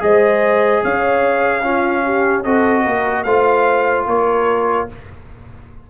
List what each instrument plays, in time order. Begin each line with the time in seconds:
0.00 tuba G#3, trombone G#4, horn C5, trumpet D#5
0.83 tuba C#4, horn C#5, trumpet F5
1.63 trombone C#4, horn F4
2.04 horn G4
2.44 tuba C4, trombone F#4, horn A4, trumpet D#5
2.83 tuba A#3, horn A#4
3.23 tuba A3, trombone F4, horn C5, trumpet F5
4.07 tuba A#3, horn A#4, trumpet C#5